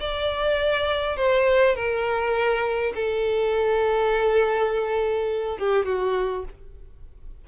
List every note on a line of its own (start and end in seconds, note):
0.00 1.17 D5
1.17 1.75 C5
1.75 2.93 A#4
2.95 5.58 A4
5.58 5.86 G4
5.86 6.44 F#4